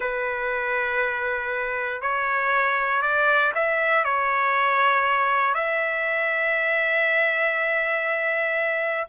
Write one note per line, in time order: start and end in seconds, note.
0.00 2.01 B4
2.01 3.01 C#5
3.01 3.52 D5
3.54 4.04 E5
4.04 5.54 C#5
5.54 9.07 E5